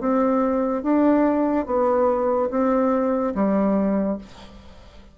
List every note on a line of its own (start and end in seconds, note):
0.00 0.83 C4
0.83 1.66 D4
1.66 2.50 B3
2.50 3.34 C4
3.35 4.18 G3